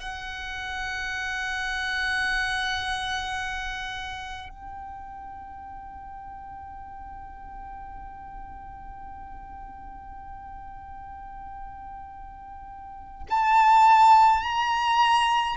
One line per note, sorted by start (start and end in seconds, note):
0.00 4.49 F#5
4.49 13.27 G5
13.30 14.43 A5
14.43 15.56 A#5